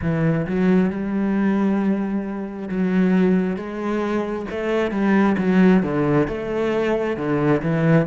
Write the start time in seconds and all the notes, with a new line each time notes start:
0.01 E3
0.46 F#3
0.90 G3
2.68 F#3
3.56 G#3
4.50 A3
4.91 G3
5.37 F#3
5.82 D3
6.27 A3
7.16 D3
7.62 E3